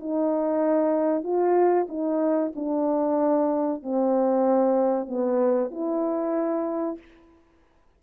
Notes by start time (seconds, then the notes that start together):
0.00 D#4
1.24 F4
1.89 D#4
2.55 D4
3.83 C4
5.08 B3
5.71 E4